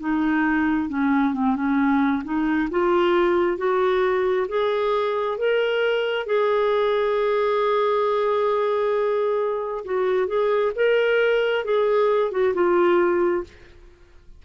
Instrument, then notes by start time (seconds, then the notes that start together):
clarinet
0.00 D#4
0.90 C#4
1.34 C4
1.56 C#4
2.24 D#4
2.71 F4
3.57 F#4
4.48 G#4
5.38 A#4
6.26 G#4
9.85 F#4
10.27 G#4
10.75 A#4
11.65 G#4
12.31 F#4
12.54 F4